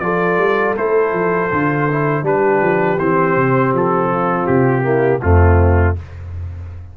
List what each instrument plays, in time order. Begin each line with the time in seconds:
0.00 tuba F3, trombone F4, horn A4, trumpet D5
0.38 tuba G3
0.77 tuba A3, trombone E4, trumpet C5
1.13 tuba F3
1.52 tuba D3, trombone F4
1.91 trombone E4
2.23 tuba G3, trombone D4, horn G4, trumpet B4
2.61 tuba F3
2.99 tuba E3, trombone C4, trumpet C5
3.36 tuba C3
3.73 tuba F3, trumpet A4
4.11 horn F4
4.47 tuba C3, trumpet G4
4.83 trombone A#3, horn E4
5.22 tuba F2, trombone A3, horn C4, trumpet F4